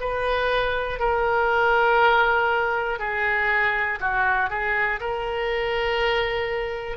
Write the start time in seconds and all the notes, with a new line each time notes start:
0.00 B4
0.99 A#4
2.99 G#4
4.00 F#4
4.50 G#4
5.00 A#4